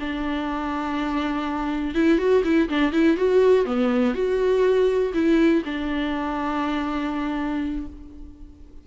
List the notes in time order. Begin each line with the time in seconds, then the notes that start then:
0.00 D4
1.95 E4
2.18 F#4
2.45 E4
2.69 D4
2.93 E4
3.17 F#4
3.66 B3
4.14 F#4
5.14 E4
5.66 D4